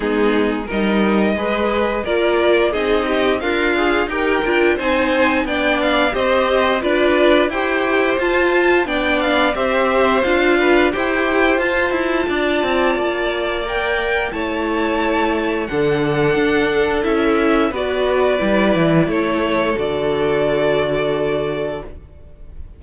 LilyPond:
<<
  \new Staff \with { instrumentName = "violin" } { \time 4/4 \tempo 4 = 88 gis'4 dis''2 d''4 | dis''4 f''4 g''4 gis''4 | g''8 f''8 dis''4 d''4 g''4 | a''4 g''8 f''8 e''4 f''4 |
g''4 a''2. | g''4 a''2 fis''4~ | fis''4 e''4 d''2 | cis''4 d''2. | }
  \new Staff \with { instrumentName = "violin" } { \time 4/4 dis'4 ais'4 b'4 ais'4 | gis'8 g'8 f'4 ais'4 c''4 | d''4 c''4 b'4 c''4~ | c''4 d''4 c''4. b'8 |
c''2 d''2~ | d''4 cis''2 a'4~ | a'2 b'2 | a'1 | }
  \new Staff \with { instrumentName = "viola" } { \time 4/4 b4 dis'4 gis'4 f'4 | dis'4 ais'8 gis'8 g'8 f'8 dis'4 | d'4 g'4 f'4 g'4 | f'4 d'4 g'4 f'4 |
g'4 f'2. | ais'4 e'2 d'4~ | d'4 e'4 fis'4 e'4~ | e'4 fis'2. | }
  \new Staff \with { instrumentName = "cello" } { \time 4/4 gis4 g4 gis4 ais4 | c'4 d'4 dis'8 d'8 c'4 | b4 c'4 d'4 e'4 | f'4 b4 c'4 d'4 |
e'4 f'8 e'8 d'8 c'8 ais4~ | ais4 a2 d4 | d'4 cis'4 b4 g8 e8 | a4 d2. | }
>>